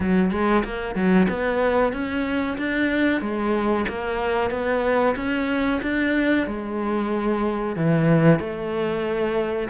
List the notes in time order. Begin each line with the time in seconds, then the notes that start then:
0.00 F#3
0.31 G#3
0.64 A#3
0.95 F#3
1.29 B3
1.92 C#4
2.57 D4
3.21 G#3
3.88 A#3
4.50 B3
5.16 C#4
5.82 D4
6.47 G#3
7.76 E3
8.39 A3